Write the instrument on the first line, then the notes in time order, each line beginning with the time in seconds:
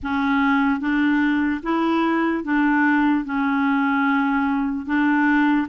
clarinet
0.03 C#4
0.80 D4
1.62 E4
2.44 D4
3.24 C#4
4.86 D4